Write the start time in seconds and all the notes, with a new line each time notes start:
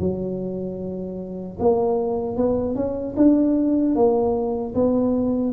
0.00 F#3
1.59 A#3
2.37 B3
2.76 C#4
3.17 D4
3.95 A#3
4.75 B3